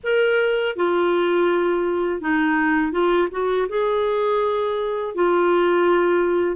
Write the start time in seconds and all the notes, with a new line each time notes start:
0.03 A#4
0.75 F4
2.20 D#4
2.91 F4
3.31 F#4
3.68 G#4
5.15 F4